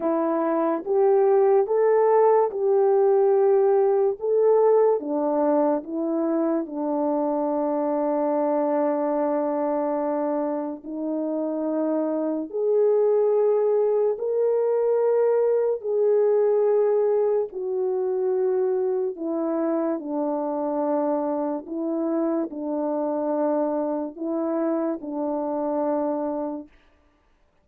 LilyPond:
\new Staff \with { instrumentName = "horn" } { \time 4/4 \tempo 4 = 72 e'4 g'4 a'4 g'4~ | g'4 a'4 d'4 e'4 | d'1~ | d'4 dis'2 gis'4~ |
gis'4 ais'2 gis'4~ | gis'4 fis'2 e'4 | d'2 e'4 d'4~ | d'4 e'4 d'2 | }